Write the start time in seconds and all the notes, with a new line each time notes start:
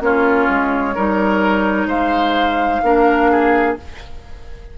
0.00 A#3 C#4 F4 C#5
0.48 G#3
0.95 G3 D#4 A#4
1.86 G#3 C5 F5
2.82 A#3 D4 A#4
3.31 G#4